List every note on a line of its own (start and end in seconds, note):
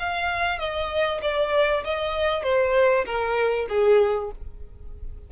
0.00 0.60 F5
0.60 1.21 D#5
1.22 1.84 D5
1.85 2.43 D#5
2.43 3.05 C5
3.06 3.68 A#4
3.70 4.32 G#4